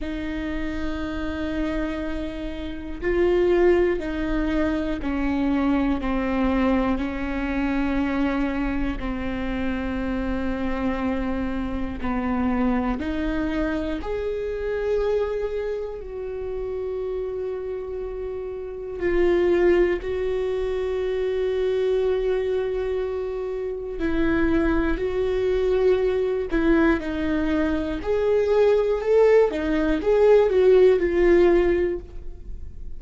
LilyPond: \new Staff \with { instrumentName = "viola" } { \time 4/4 \tempo 4 = 60 dis'2. f'4 | dis'4 cis'4 c'4 cis'4~ | cis'4 c'2. | b4 dis'4 gis'2 |
fis'2. f'4 | fis'1 | e'4 fis'4. e'8 dis'4 | gis'4 a'8 dis'8 gis'8 fis'8 f'4 | }